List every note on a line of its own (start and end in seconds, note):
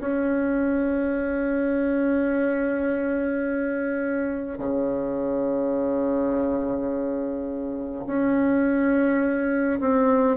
0.00 4.58 C#4
4.58 8.05 C#3
8.07 9.80 C#4
9.80 10.37 C4